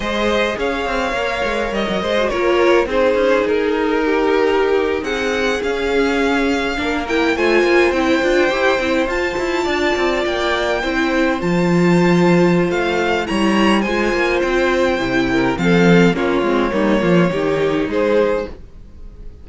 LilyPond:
<<
  \new Staff \with { instrumentName = "violin" } { \time 4/4 \tempo 4 = 104 dis''4 f''2 dis''4 | cis''4 c''4 ais'2~ | ais'8. fis''4 f''2~ f''16~ | f''16 g''8 gis''4 g''2 a''16~ |
a''4.~ a''16 g''2 a''16~ | a''2 f''4 ais''4 | gis''4 g''2 f''4 | cis''2. c''4 | }
  \new Staff \with { instrumentName = "violin" } { \time 4/4 c''4 cis''2~ cis''8 c''8 | ais'4 gis'2 g'4~ | g'8. gis'2. ais'16~ | ais'8. c''2.~ c''16~ |
c''8. d''2 c''4~ c''16~ | c''2. cis''4 | c''2~ c''8 ais'8 a'4 | f'4 dis'8 f'8 g'4 gis'4 | }
  \new Staff \with { instrumentName = "viola" } { \time 4/4 gis'2 ais'4.~ ais'16 fis'16 | f'4 dis'2.~ | dis'4.~ dis'16 cis'2 d'16~ | d'16 e'8 f'4 e'8 f'8 g'8 e'8 f'16~ |
f'2~ f'8. e'4 f'16~ | f'2. e'4 | f'2 e'4 c'4 | cis'8 c'8 ais4 dis'2 | }
  \new Staff \with { instrumentName = "cello" } { \time 4/4 gis4 cis'8 c'8 ais8 gis8 g16 fis16 gis8 | ais4 c'8 cis'8 dis'2~ | dis'8. c'4 cis'2 ais16~ | ais8. a8 ais8 c'8 d'8 e'8 c'8 f'16~ |
f'16 e'8 d'8 c'8 ais4 c'4 f16~ | f2 a4 g4 | gis8 ais8 c'4 c4 f4 | ais8 gis8 g8 f8 dis4 gis4 | }
>>